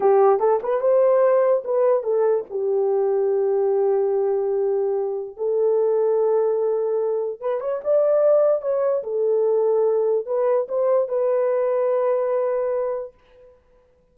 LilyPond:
\new Staff \with { instrumentName = "horn" } { \time 4/4 \tempo 4 = 146 g'4 a'8 b'8 c''2 | b'4 a'4 g'2~ | g'1~ | g'4 a'2.~ |
a'2 b'8 cis''8 d''4~ | d''4 cis''4 a'2~ | a'4 b'4 c''4 b'4~ | b'1 | }